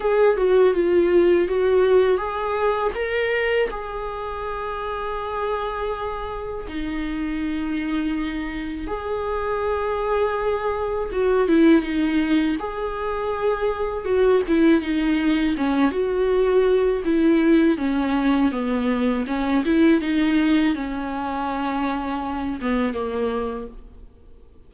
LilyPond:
\new Staff \with { instrumentName = "viola" } { \time 4/4 \tempo 4 = 81 gis'8 fis'8 f'4 fis'4 gis'4 | ais'4 gis'2.~ | gis'4 dis'2. | gis'2. fis'8 e'8 |
dis'4 gis'2 fis'8 e'8 | dis'4 cis'8 fis'4. e'4 | cis'4 b4 cis'8 e'8 dis'4 | cis'2~ cis'8 b8 ais4 | }